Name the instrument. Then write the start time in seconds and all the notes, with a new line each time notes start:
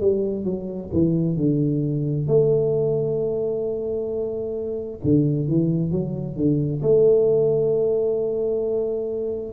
tuba
0.00 G3
0.44 F#3
0.93 E3
1.36 D3
2.27 A3
5.03 D3
5.48 E3
5.91 F#3
6.36 D3
6.82 A3